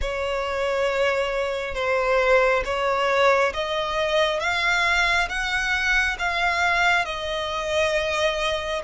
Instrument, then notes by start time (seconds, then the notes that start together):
violin
0.01 C#5
1.74 C5
2.64 C#5
3.53 D#5
4.40 F5
5.28 F#5
6.18 F5
7.05 D#5